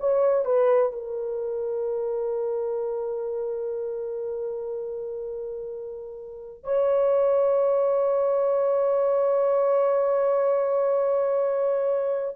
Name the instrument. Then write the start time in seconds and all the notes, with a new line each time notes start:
horn
0.00 C#5
0.45 B4
0.93 A#4
6.64 C#5